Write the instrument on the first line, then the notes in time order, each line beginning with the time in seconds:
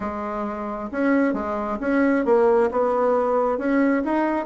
bassoon
0.00 G#3
0.91 C#4
1.33 G#3
1.80 C#4
2.25 A#3
2.71 B3
3.58 C#4
4.04 D#4